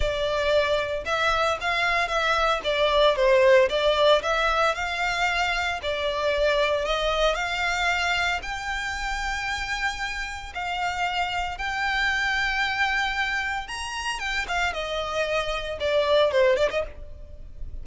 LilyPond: \new Staff \with { instrumentName = "violin" } { \time 4/4 \tempo 4 = 114 d''2 e''4 f''4 | e''4 d''4 c''4 d''4 | e''4 f''2 d''4~ | d''4 dis''4 f''2 |
g''1 | f''2 g''2~ | g''2 ais''4 g''8 f''8 | dis''2 d''4 c''8 d''16 dis''16 | }